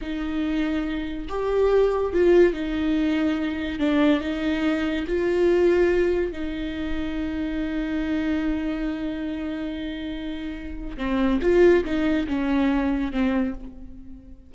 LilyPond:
\new Staff \with { instrumentName = "viola" } { \time 4/4 \tempo 4 = 142 dis'2. g'4~ | g'4 f'4 dis'2~ | dis'4 d'4 dis'2 | f'2. dis'4~ |
dis'1~ | dis'1~ | dis'2 c'4 f'4 | dis'4 cis'2 c'4 | }